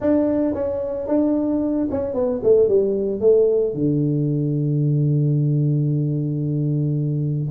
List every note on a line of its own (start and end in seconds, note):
0.00 0.54 D4
0.54 1.07 C#4
1.07 1.88 D4
1.90 2.14 C#4
2.14 2.40 B3
2.43 2.68 A3
2.68 3.20 G3
3.20 3.74 A3
3.74 7.49 D3